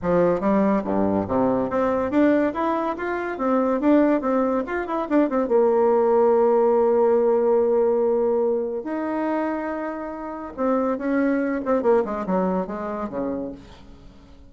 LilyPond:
\new Staff \with { instrumentName = "bassoon" } { \time 4/4 \tempo 4 = 142 f4 g4 g,4 c4 | c'4 d'4 e'4 f'4 | c'4 d'4 c'4 f'8 e'8 | d'8 c'8 ais2.~ |
ais1~ | ais4 dis'2.~ | dis'4 c'4 cis'4. c'8 | ais8 gis8 fis4 gis4 cis4 | }